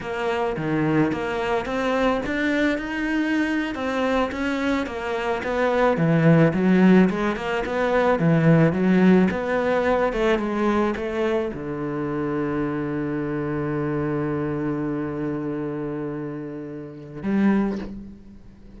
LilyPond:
\new Staff \with { instrumentName = "cello" } { \time 4/4 \tempo 4 = 108 ais4 dis4 ais4 c'4 | d'4 dis'4.~ dis'16 c'4 cis'16~ | cis'8. ais4 b4 e4 fis16~ | fis8. gis8 ais8 b4 e4 fis16~ |
fis8. b4. a8 gis4 a16~ | a8. d2.~ d16~ | d1~ | d2. g4 | }